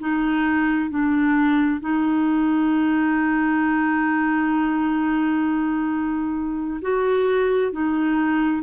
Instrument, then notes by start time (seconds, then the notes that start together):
clarinet
0.00 D#4
0.90 D4
1.81 D#4
6.82 F#4
7.72 D#4